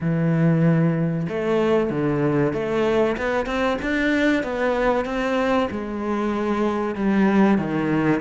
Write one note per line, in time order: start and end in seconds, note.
0.00 1.27 E3
1.28 1.89 A3
1.89 2.53 D3
2.53 3.16 A3
3.17 3.46 B3
3.46 3.77 C4
3.82 4.43 D4
4.43 5.05 B3
5.05 5.68 C4
5.70 6.95 G#3
6.95 7.58 G3
7.58 8.20 D#3